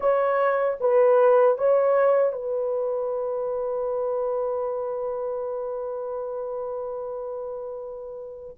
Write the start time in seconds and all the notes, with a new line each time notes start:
0.00 C#5
0.80 B4
1.58 C#5
2.32 B4